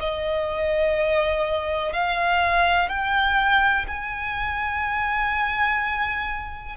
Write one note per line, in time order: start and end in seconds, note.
0.00 1.93 D#5
1.93 2.89 F5
2.89 3.86 G5
3.88 6.77 G#5